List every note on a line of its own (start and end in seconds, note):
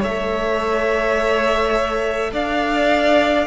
0.00 2.33 A3
0.00 3.47 A4
0.00 2.31 C#5
0.00 2.34 E5
2.33 3.47 D4
2.33 3.47 D5
2.33 3.47 F5